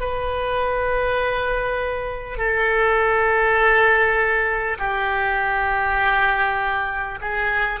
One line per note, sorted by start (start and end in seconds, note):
0.00 2.37 B4
2.37 4.77 A4
4.78 7.18 G4
7.21 7.80 G#4